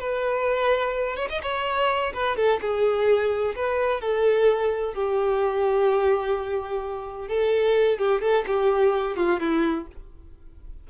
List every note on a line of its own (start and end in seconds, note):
0.00 1.17 B4
1.17 1.28 C#5
1.30 1.42 D#5
1.43 2.13 C#5
2.14 2.37 B4
2.37 2.60 A4
2.61 3.55 G#4
3.56 4.01 B4
4.01 4.94 A4
4.94 7.28 G4
7.28 7.99 A4
7.99 8.22 G4
8.22 8.45 A4
8.47 9.17 G4
9.17 9.40 F4
9.40 9.87 E4